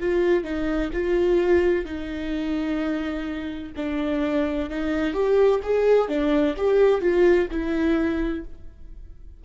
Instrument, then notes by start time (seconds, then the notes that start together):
viola
0.00 F4
0.44 D#4
0.93 F4
1.85 D#4
3.76 D4
4.70 D#4
5.14 G4
5.63 G#4
6.09 D4
6.58 G4
7.01 F4
7.51 E4